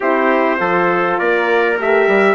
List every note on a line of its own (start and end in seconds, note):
0.00 0.60 C4
0.00 0.58 E4
0.00 0.59 G4
0.00 1.18 C5
0.58 1.19 F3
0.58 1.76 F4
0.58 1.19 A4
1.18 1.79 A#3
1.18 2.35 A#4
1.18 1.77 D5
1.78 2.07 A3
1.78 2.35 G4
1.78 2.35 E5
2.07 2.35 G3